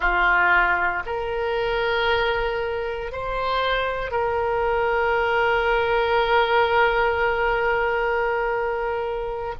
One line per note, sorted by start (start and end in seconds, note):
0.00 1.03 F4
1.06 3.12 A#4
3.12 4.11 C5
4.11 9.54 A#4